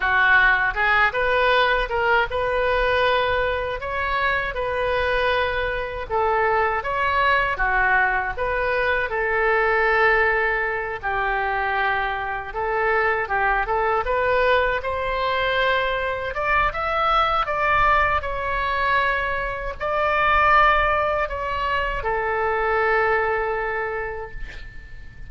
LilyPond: \new Staff \with { instrumentName = "oboe" } { \time 4/4 \tempo 4 = 79 fis'4 gis'8 b'4 ais'8 b'4~ | b'4 cis''4 b'2 | a'4 cis''4 fis'4 b'4 | a'2~ a'8 g'4.~ |
g'8 a'4 g'8 a'8 b'4 c''8~ | c''4. d''8 e''4 d''4 | cis''2 d''2 | cis''4 a'2. | }